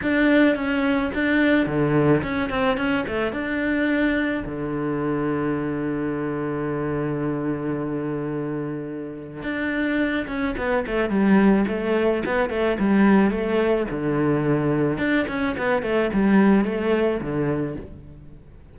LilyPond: \new Staff \with { instrumentName = "cello" } { \time 4/4 \tempo 4 = 108 d'4 cis'4 d'4 d4 | cis'8 c'8 cis'8 a8 d'2 | d1~ | d1~ |
d4 d'4. cis'8 b8 a8 | g4 a4 b8 a8 g4 | a4 d2 d'8 cis'8 | b8 a8 g4 a4 d4 | }